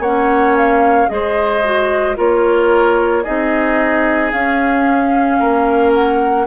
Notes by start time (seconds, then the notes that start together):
0.00 A#3 C#4 C#5 F#5
0.57 F5
1.08 G#3 G#4 C5 D#5
1.65 F#4
2.16 A#3 F4 A#4 C#5
3.24 C4 D#4 G#4 D#5
4.32 C#4 F5
5.39 A#3 A#4
5.93 F#5